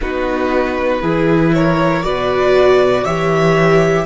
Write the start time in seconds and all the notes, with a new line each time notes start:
0.00 B3 D#4 F#4 B4
1.01 E3 E4 G#4
1.53 A#4 C#5
2.03 B2 F#4 B4 D5
3.04 E3 G4 C#5 E5